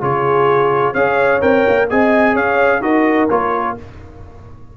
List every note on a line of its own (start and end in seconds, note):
0.00 0.94 C#3
0.00 0.94 F4
0.00 0.92 G#4
0.00 0.94 C#5
0.92 1.41 C#4
0.92 1.40 G#4
0.92 1.86 C#5
0.92 1.41 F5
1.40 1.65 C4
1.40 1.87 A#4
1.40 1.88 G5
1.68 1.91 A#3
1.89 2.35 C4
1.89 2.81 G#4
1.89 2.33 D#5
1.89 2.36 G#5
2.33 2.81 C#4
2.33 2.80 C#5
2.33 2.82 F5
2.81 3.27 D#4
2.81 3.28 F#4
2.81 3.77 A#4
2.81 3.28 D#5
3.29 3.76 A#3
3.29 3.77 F4
3.29 3.76 C#5